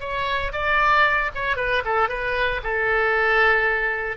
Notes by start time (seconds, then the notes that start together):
0.00 C#5
0.53 D5
1.35 C#5
1.57 B4
1.85 A4
2.09 B4
2.63 A4